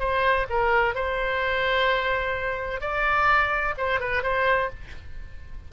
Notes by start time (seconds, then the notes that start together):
0.00 C5
0.50 A#4
0.95 C5
2.81 D5
3.78 C5
4.01 B4
4.23 C5